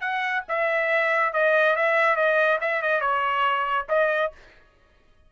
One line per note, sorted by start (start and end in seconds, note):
0.00 0.43 F#5
0.48 1.33 E5
1.33 1.76 D#5
1.76 2.16 E5
2.16 2.59 D#5
2.60 2.82 E5
2.82 3.01 D#5
3.01 3.86 C#5
3.89 4.31 D#5